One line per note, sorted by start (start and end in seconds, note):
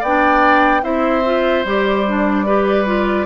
0.00 0.83 B3
0.00 0.81 D5
0.00 0.83 G5
0.06 0.82 D4
0.82 1.64 C4
0.82 1.22 E4
0.82 2.45 C5
0.82 1.65 E5
1.25 1.65 F4
1.64 3.26 G3
1.64 2.06 G4
1.64 3.26 D5
2.07 2.46 D4
2.45 2.85 G4
2.45 3.26 B4
2.85 3.26 F4